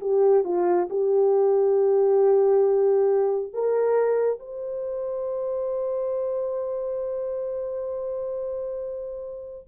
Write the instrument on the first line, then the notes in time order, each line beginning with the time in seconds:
horn
0.00 G4
0.44 F4
0.89 G4
3.53 A#4
4.39 C5